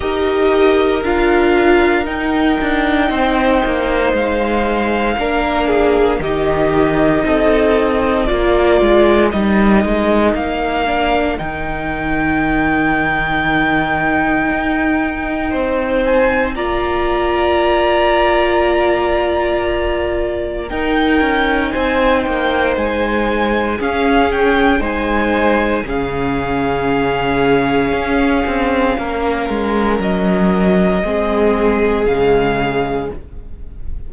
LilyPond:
<<
  \new Staff \with { instrumentName = "violin" } { \time 4/4 \tempo 4 = 58 dis''4 f''4 g''2 | f''2 dis''2 | d''4 dis''4 f''4 g''4~ | g''2.~ g''8 gis''8 |
ais''1 | g''4 gis''8 g''8 gis''4 f''8 g''8 | gis''4 f''2.~ | f''4 dis''2 f''4 | }
  \new Staff \with { instrumentName = "violin" } { \time 4/4 ais'2. c''4~ | c''4 ais'8 gis'8 g'4 a'4 | ais'1~ | ais'2. c''4 |
d''1 | ais'4 c''2 gis'4 | c''4 gis'2. | ais'2 gis'2 | }
  \new Staff \with { instrumentName = "viola" } { \time 4/4 g'4 f'4 dis'2~ | dis'4 d'4 dis'2 | f'4 dis'4. d'8 dis'4~ | dis'1 |
f'1 | dis'2. cis'4 | dis'4 cis'2.~ | cis'2 c'4 gis4 | }
  \new Staff \with { instrumentName = "cello" } { \time 4/4 dis'4 d'4 dis'8 d'8 c'8 ais8 | gis4 ais4 dis4 c'4 | ais8 gis8 g8 gis8 ais4 dis4~ | dis2 dis'4 c'4 |
ais1 | dis'8 cis'8 c'8 ais8 gis4 cis'4 | gis4 cis2 cis'8 c'8 | ais8 gis8 fis4 gis4 cis4 | }
>>